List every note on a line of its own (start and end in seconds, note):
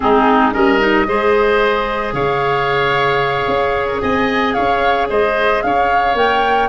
0.00 0.56 G#3
0.00 0.51 C4
0.00 0.53 D#4
0.00 0.53 G#4
0.51 1.07 G3
0.51 0.78 C#4
0.51 1.07 A#4
0.51 2.14 D#5
0.80 1.06 D#4
1.07 2.13 G#3
1.07 6.16 G#4
1.07 2.14 C5
2.13 3.47 C#3
2.13 4.02 C#5
2.13 3.86 F5
3.47 4.01 C#4
3.86 4.00 A#4
4.01 4.55 C4
4.01 4.53 D#5
4.01 4.53 G#5
4.53 5.10 C#4
4.53 5.07 C#5
4.53 5.07 F5
5.09 5.63 G#3
5.09 5.63 C5
5.09 5.62 D#5
5.62 6.14 C#4
5.62 6.68 C#5
5.62 6.16 F5
6.14 6.68 A#3
6.14 6.68 A#4
6.14 6.68 G5